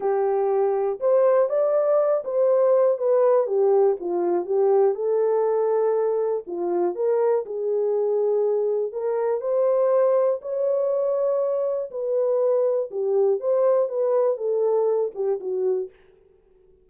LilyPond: \new Staff \with { instrumentName = "horn" } { \time 4/4 \tempo 4 = 121 g'2 c''4 d''4~ | d''8 c''4. b'4 g'4 | f'4 g'4 a'2~ | a'4 f'4 ais'4 gis'4~ |
gis'2 ais'4 c''4~ | c''4 cis''2. | b'2 g'4 c''4 | b'4 a'4. g'8 fis'4 | }